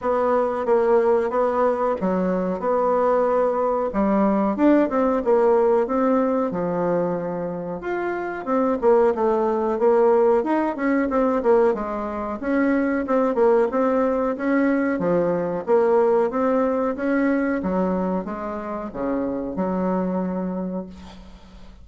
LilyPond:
\new Staff \with { instrumentName = "bassoon" } { \time 4/4 \tempo 4 = 92 b4 ais4 b4 fis4 | b2 g4 d'8 c'8 | ais4 c'4 f2 | f'4 c'8 ais8 a4 ais4 |
dis'8 cis'8 c'8 ais8 gis4 cis'4 | c'8 ais8 c'4 cis'4 f4 | ais4 c'4 cis'4 fis4 | gis4 cis4 fis2 | }